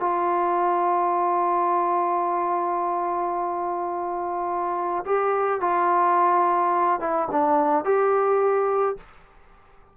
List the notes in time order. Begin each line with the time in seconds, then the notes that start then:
0.00 F4
5.06 G4
5.60 F4
7.00 E4
7.31 D4
7.85 G4